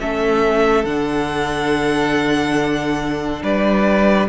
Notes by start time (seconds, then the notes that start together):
0.00 A3 C#4 A4 E5
0.84 D3 D4 F#5
3.43 G3 B4 D5